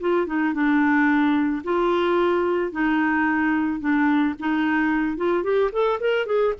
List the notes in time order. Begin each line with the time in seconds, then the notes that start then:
0.00 F4
0.27 D#4
0.54 D4
1.64 F4
2.72 D#4
3.80 D4
4.39 D#4
5.17 F4
5.43 G4
5.72 A4
6.00 A#4
6.26 G#4